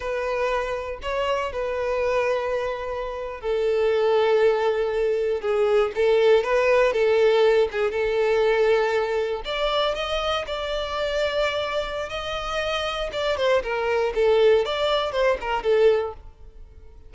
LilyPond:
\new Staff \with { instrumentName = "violin" } { \time 4/4 \tempo 4 = 119 b'2 cis''4 b'4~ | b'2~ b'8. a'4~ a'16~ | a'2~ a'8. gis'4 a'16~ | a'8. b'4 a'4. gis'8 a'16~ |
a'2~ a'8. d''4 dis''16~ | dis''8. d''2.~ d''16 | dis''2 d''8 c''8 ais'4 | a'4 d''4 c''8 ais'8 a'4 | }